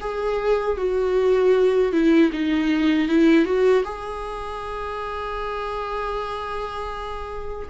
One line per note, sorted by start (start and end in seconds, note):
0.00 0.77 G#4
0.77 1.92 F#4
1.92 2.30 E4
2.32 3.08 D#4
3.08 3.45 E4
3.45 3.83 F#4
3.84 7.69 G#4